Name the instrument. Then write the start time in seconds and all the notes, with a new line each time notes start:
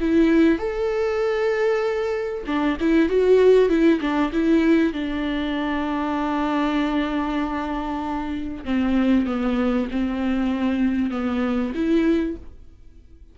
viola
0.00 E4
0.58 A4
2.46 D4
2.80 E4
3.09 F#4
3.69 E4
4.00 D4
4.32 E4
4.93 D4
8.64 C4
9.26 B3
9.91 C4
11.11 B3
11.74 E4